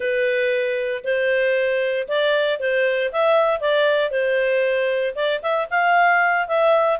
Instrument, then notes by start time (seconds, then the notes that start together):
clarinet
0.00 B4
1.03 C5
2.08 D5
2.59 C5
3.12 E5
3.60 D5
4.11 C5
5.15 D5
5.42 E5
5.70 F5
6.48 E5